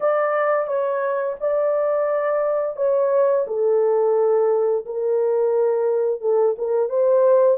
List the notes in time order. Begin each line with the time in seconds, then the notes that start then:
0.00 D5
0.67 C#5
1.40 D5
2.76 C#5
3.47 A4
4.85 A#4
6.21 A4
6.57 A#4
6.89 C5